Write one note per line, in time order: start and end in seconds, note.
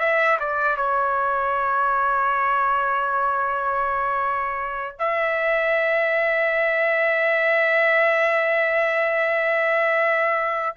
0.00 0.38 E5
0.40 0.77 D5
0.77 4.99 C#5
4.99 10.76 E5